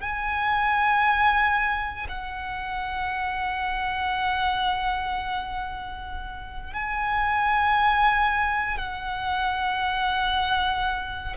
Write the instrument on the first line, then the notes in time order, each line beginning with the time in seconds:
violin
0.00 G#5
2.08 F#5
6.74 G#5
8.78 F#5